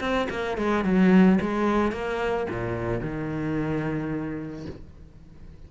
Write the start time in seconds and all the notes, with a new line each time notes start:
0.00 C4
0.30 A#3
0.57 G#3
0.84 F#3
1.41 G#3
1.92 A#3
2.49 A#2
3.01 D#3